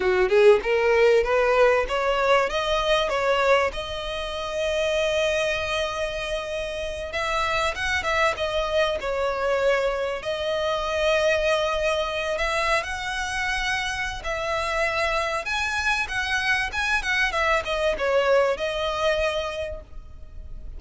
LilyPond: \new Staff \with { instrumentName = "violin" } { \time 4/4 \tempo 4 = 97 fis'8 gis'8 ais'4 b'4 cis''4 | dis''4 cis''4 dis''2~ | dis''2.~ dis''8 e''8~ | e''8 fis''8 e''8 dis''4 cis''4.~ |
cis''8 dis''2.~ dis''8 | e''8. fis''2~ fis''16 e''4~ | e''4 gis''4 fis''4 gis''8 fis''8 | e''8 dis''8 cis''4 dis''2 | }